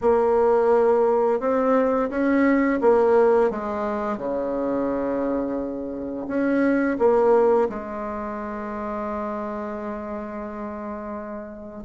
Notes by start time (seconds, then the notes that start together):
0.01 A#3
1.40 C4
2.10 C#4
2.81 A#3
3.50 G#3
4.17 C#3
6.27 C#4
6.98 A#3
7.69 G#3